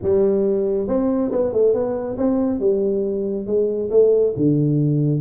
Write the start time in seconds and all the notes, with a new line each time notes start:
0.02 G3
0.87 C4
1.31 B3
1.52 A3
1.73 B3
2.17 C4
2.59 G3
3.46 G#3
3.90 A3
4.36 D3